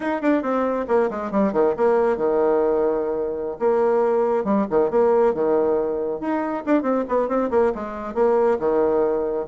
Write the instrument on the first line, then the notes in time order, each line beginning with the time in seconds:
bassoon
0.00 D#4
0.21 D4
0.42 C4
0.88 A#3
1.10 G#3
1.31 G3
1.52 D#3
1.76 A#3
2.16 D#3
3.59 A#3
4.44 G3
4.70 D#3
4.90 A#3
5.34 D#3
6.20 D#4
6.66 D4
6.82 C4
7.08 B3
7.28 C4
7.50 A#3
7.75 G#3
8.14 A#3
8.59 D#3